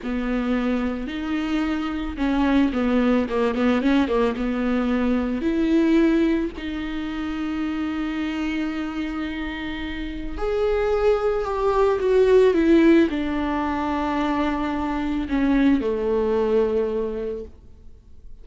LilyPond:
\new Staff \with { instrumentName = "viola" } { \time 4/4 \tempo 4 = 110 b2 dis'2 | cis'4 b4 ais8 b8 cis'8 ais8 | b2 e'2 | dis'1~ |
dis'2. gis'4~ | gis'4 g'4 fis'4 e'4 | d'1 | cis'4 a2. | }